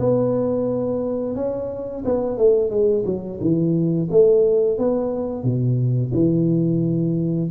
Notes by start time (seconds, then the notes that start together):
0.00 B3
1.36 C#4
2.05 B3
2.38 A3
2.71 G#3
3.06 F#3
3.41 E3
4.11 A3
4.79 B3
5.44 B2
6.14 E3